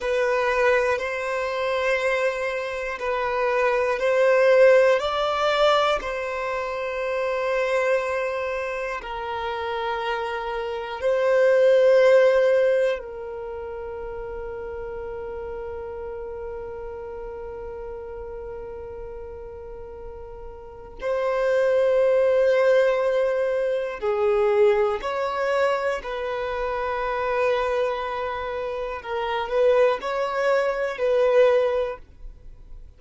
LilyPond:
\new Staff \with { instrumentName = "violin" } { \time 4/4 \tempo 4 = 60 b'4 c''2 b'4 | c''4 d''4 c''2~ | c''4 ais'2 c''4~ | c''4 ais'2.~ |
ais'1~ | ais'4 c''2. | gis'4 cis''4 b'2~ | b'4 ais'8 b'8 cis''4 b'4 | }